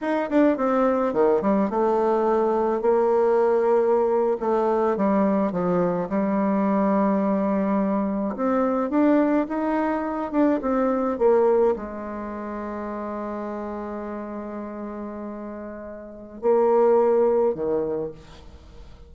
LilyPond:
\new Staff \with { instrumentName = "bassoon" } { \time 4/4 \tempo 4 = 106 dis'8 d'8 c'4 dis8 g8 a4~ | a4 ais2~ ais8. a16~ | a8. g4 f4 g4~ g16~ | g2~ g8. c'4 d'16~ |
d'8. dis'4. d'8 c'4 ais16~ | ais8. gis2.~ gis16~ | gis1~ | gis4 ais2 dis4 | }